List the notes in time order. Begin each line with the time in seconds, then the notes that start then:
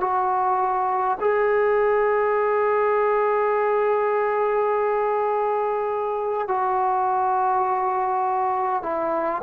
0.00 F#4
1.20 G#4
6.48 F#4
8.83 E4